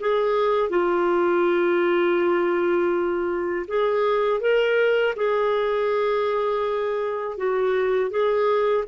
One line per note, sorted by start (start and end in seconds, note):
0.00 0.70 G#4
0.70 3.66 F4
3.68 4.40 G#4
4.40 5.14 A#4
5.16 7.37 G#4
7.37 8.10 F#4
8.10 8.85 G#4